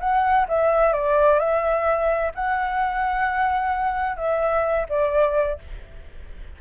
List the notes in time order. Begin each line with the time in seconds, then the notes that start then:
0.00 F#5
0.48 E5
0.93 D5
1.39 E5
2.35 F#5
4.17 E5
4.89 D5